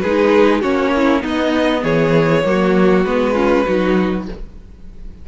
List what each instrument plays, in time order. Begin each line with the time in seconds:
0.00 cello G#3, viola D#4, violin G#4 B4
0.61 cello A#3, viola C#4, violin F#4 C#5
0.96 violin E4
1.22 viola B3, cello B3, violin D#4 D#5
1.84 cello E3, violin G#4 C#5
2.45 cello F#3, viola A#3, violin F#4
3.04 cello G#3, viola B3, violin B4
3.34 viola C#4, violin F4
3.66 cello F#3, viola D#4, violin F#4